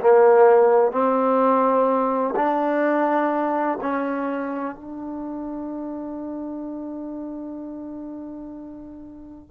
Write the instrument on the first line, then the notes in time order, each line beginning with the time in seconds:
trombone
0.00 A#3
0.91 C4
2.35 D4
3.81 C#4
4.75 D4